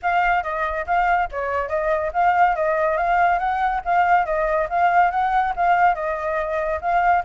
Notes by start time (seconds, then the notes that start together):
0.02 F5
0.43 D#5
0.86 F5
1.31 C#5
1.68 D#5
2.13 F5
2.55 D#5
2.97 F5
3.38 F#5
3.84 F5
4.25 D#5
4.69 F5
5.11 F#5
5.56 F5
5.94 D#5
6.81 F5